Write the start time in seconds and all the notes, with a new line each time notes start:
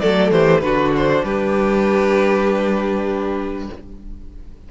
0.00 F#3 A3 A4 D5
0.31 E3 G4 C5
0.61 D3 D4 F#4 B4
0.96 C5
1.24 G3 G4 B4